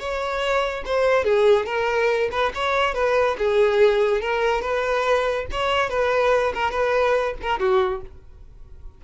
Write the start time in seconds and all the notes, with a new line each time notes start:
0.00 C#5
0.86 C5
1.25 G#4
1.66 A#4
2.32 B4
2.55 C#5
2.95 B4
3.39 G#4
4.22 A#4
4.62 B4
5.52 C#5
5.90 B4
6.55 A#4
6.71 B4
7.43 A#4
7.60 F#4